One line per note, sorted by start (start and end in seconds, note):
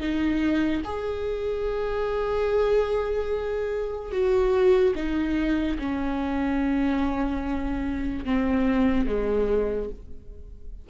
0.00 0.82 D#4
0.85 4.12 G#4
4.12 4.94 F#4
4.96 5.78 D#4
5.79 8.25 C#4
8.25 9.07 C4
9.07 9.89 G#3